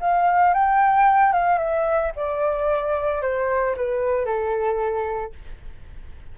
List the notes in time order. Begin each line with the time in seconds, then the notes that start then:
0.00 F5
0.54 G5
1.32 F5
1.58 E5
2.16 D5
3.21 C5
3.76 B4
4.25 A4